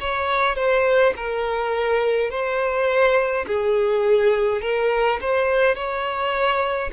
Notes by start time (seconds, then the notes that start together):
0.00 C#5
0.56 C5
1.16 A#4
2.30 C5
3.47 G#4
4.62 A#4
5.21 C5
5.75 C#5